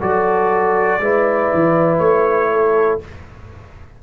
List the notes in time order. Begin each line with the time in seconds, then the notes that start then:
0.00 F#3 F#4 A4 D5
1.00 G#3 E4 B4
1.54 E3
1.98 A3 C#5
2.52 A4